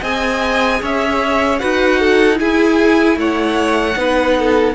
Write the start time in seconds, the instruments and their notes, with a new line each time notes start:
0.00 cello C4, viola G#4, violin D#5 G#5
0.82 cello C#4, violin C#5 E5
1.59 cello D#4, viola F#4, violin B4 F#5
1.99 violin A4
2.34 viola E4, cello E4, violin G#4 G#5
3.16 cello A3, violin C#5 F#5
3.96 cello B3, viola D#4, violin B4
4.38 violin A4